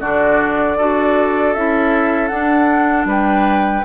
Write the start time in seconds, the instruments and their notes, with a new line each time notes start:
0.00 bassoon D3, clarinet D4, oboe F#4, flute D5
0.77 bassoon D4, clarinet F#4, oboe A4
1.53 bassoon C#4, clarinet E4, flute E5
2.27 clarinet D4, bassoon D4, flute F#5
3.05 bassoon G3, oboe B4, flute G5